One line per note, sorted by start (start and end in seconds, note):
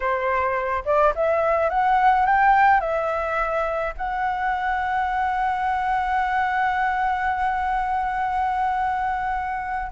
0.00 0.83 C5
0.85 1.13 D5
1.15 1.69 E5
1.69 2.26 F#5
2.26 2.80 G5
2.80 3.93 E5
3.97 9.91 F#5